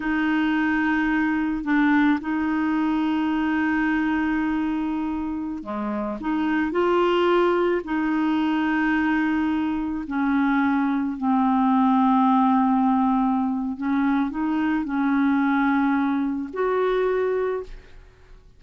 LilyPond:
\new Staff \with { instrumentName = "clarinet" } { \time 4/4 \tempo 4 = 109 dis'2. d'4 | dis'1~ | dis'2~ dis'16 gis4 dis'8.~ | dis'16 f'2 dis'4.~ dis'16~ |
dis'2~ dis'16 cis'4.~ cis'16~ | cis'16 c'2.~ c'8.~ | c'4 cis'4 dis'4 cis'4~ | cis'2 fis'2 | }